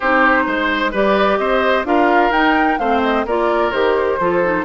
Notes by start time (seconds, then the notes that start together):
0.00 C4 D#4 G4 C5
0.47 G#3 C5
0.91 G3 G4 B4 D5
1.37 C4 C5 D#5
1.84 D4 F4 A#4 F5
2.30 D#4 G5
2.78 A3 C4 C5 F5
3.02 D#5
3.25 A#3 F4 A#4 D5
3.71 D#3 G4 C5
4.19 F3 F4 A4
4.43 D#4